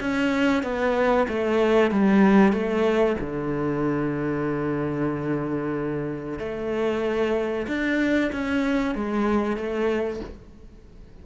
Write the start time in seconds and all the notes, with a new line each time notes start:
0.00 C#4
0.63 B3
1.28 A3
1.91 G3
2.52 A3
3.20 D3
6.39 A3
7.67 D4
8.32 C#4
8.95 G#3
9.57 A3